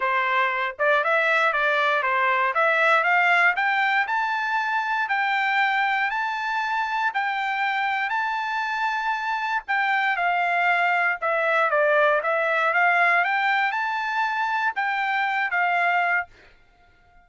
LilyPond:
\new Staff \with { instrumentName = "trumpet" } { \time 4/4 \tempo 4 = 118 c''4. d''8 e''4 d''4 | c''4 e''4 f''4 g''4 | a''2 g''2 | a''2 g''2 |
a''2. g''4 | f''2 e''4 d''4 | e''4 f''4 g''4 a''4~ | a''4 g''4. f''4. | }